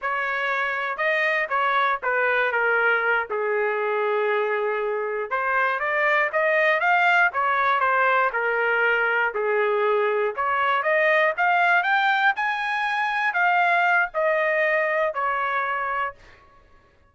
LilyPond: \new Staff \with { instrumentName = "trumpet" } { \time 4/4 \tempo 4 = 119 cis''2 dis''4 cis''4 | b'4 ais'4. gis'4.~ | gis'2~ gis'8 c''4 d''8~ | d''8 dis''4 f''4 cis''4 c''8~ |
c''8 ais'2 gis'4.~ | gis'8 cis''4 dis''4 f''4 g''8~ | g''8 gis''2 f''4. | dis''2 cis''2 | }